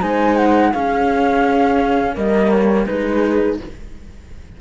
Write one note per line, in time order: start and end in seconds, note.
0.00 0.74 G#3
0.00 0.72 D#4
0.00 0.71 C5
0.00 0.37 G#5
0.37 0.72 F#5
0.72 2.15 C#4
0.72 2.16 C#4
0.72 2.14 G#4
0.72 2.15 F5
2.14 2.88 G3
2.14 2.86 A#3
2.14 2.86 A#4
2.14 2.50 D#5
2.50 2.86 C#5
2.86 3.60 G#3
2.86 3.57 D#4
2.86 3.61 G#4
2.86 3.58 B4